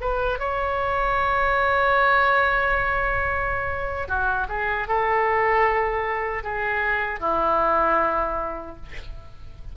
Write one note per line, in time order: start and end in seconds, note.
0.00 0.39 B4
0.39 4.08 C#5
4.08 4.47 F#4
4.48 4.87 G#4
4.87 6.43 A4
6.43 7.20 G#4
7.20 8.76 E4